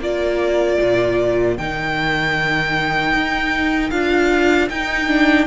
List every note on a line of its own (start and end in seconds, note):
0.00 0.78 A#3
0.00 1.58 F4
0.00 5.47 A#4
0.00 1.58 D5
0.81 1.58 A#2
1.58 3.13 D#3
1.58 3.92 D#4
1.58 3.91 G5
3.13 3.91 D#4
3.91 4.70 D4
3.91 4.70 F4
3.91 4.69 F5
4.70 5.08 D#4
4.70 5.47 D#4
4.70 5.47 G5
5.08 5.47 D4